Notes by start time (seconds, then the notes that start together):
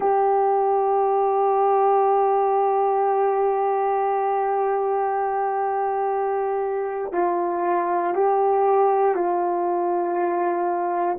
0.00 G4
7.12 F4
8.14 G4
9.14 F4